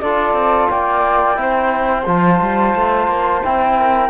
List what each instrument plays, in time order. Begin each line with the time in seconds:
0.00 cello D4, trombone F4, flute A4 D5
0.33 cello C4
0.69 cello A#3, flute D5 G5
1.36 cello C4, trombone E4, flute C5
2.06 cello F3, trombone F4, flute A5
2.41 cello G3
2.75 cello A3
3.07 cello A#3
3.44 cello C4, trombone E4, flute G5
3.79 flute A#4